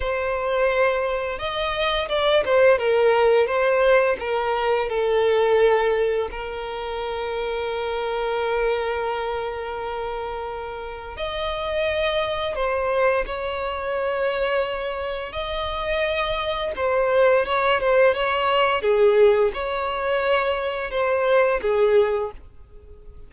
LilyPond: \new Staff \with { instrumentName = "violin" } { \time 4/4 \tempo 4 = 86 c''2 dis''4 d''8 c''8 | ais'4 c''4 ais'4 a'4~ | a'4 ais'2.~ | ais'1 |
dis''2 c''4 cis''4~ | cis''2 dis''2 | c''4 cis''8 c''8 cis''4 gis'4 | cis''2 c''4 gis'4 | }